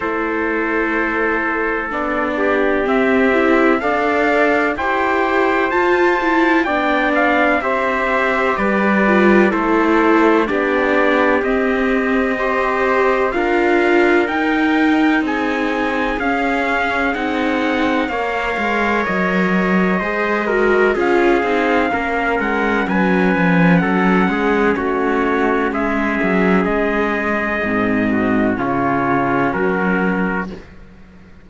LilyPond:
<<
  \new Staff \with { instrumentName = "trumpet" } { \time 4/4 \tempo 4 = 63 c''2 d''4 e''4 | f''4 g''4 a''4 g''8 f''8 | e''4 d''4 c''4 d''4 | dis''2 f''4 g''4 |
gis''4 f''4 fis''4 f''4 | dis''2 f''4. fis''8 | gis''4 fis''4 cis''4 e''4 | dis''2 cis''4 ais'4 | }
  \new Staff \with { instrumentName = "trumpet" } { \time 4/4 a'2~ a'8 g'4. | d''4 c''2 d''4 | c''4 b'4 a'4 g'4~ | g'4 c''4 ais'2 |
gis'2. cis''4~ | cis''4 c''8 ais'8 gis'4 ais'4 | b'4 a'8 gis'8 fis'4 gis'4~ | gis'4. fis'8 f'4 fis'4 | }
  \new Staff \with { instrumentName = "viola" } { \time 4/4 e'2 d'4 c'8 e'8 | a'4 g'4 f'8 e'8 d'4 | g'4. f'8 e'4 d'4 | c'4 g'4 f'4 dis'4~ |
dis'4 cis'4 dis'4 ais'4~ | ais'4 gis'8 fis'8 f'8 dis'8 cis'4~ | cis'1~ | cis'4 c'4 cis'2 | }
  \new Staff \with { instrumentName = "cello" } { \time 4/4 a2 b4 c'4 | d'4 e'4 f'4 b4 | c'4 g4 a4 b4 | c'2 d'4 dis'4 |
c'4 cis'4 c'4 ais8 gis8 | fis4 gis4 cis'8 c'8 ais8 gis8 | fis8 f8 fis8 gis8 a4 gis8 fis8 | gis4 gis,4 cis4 fis4 | }
>>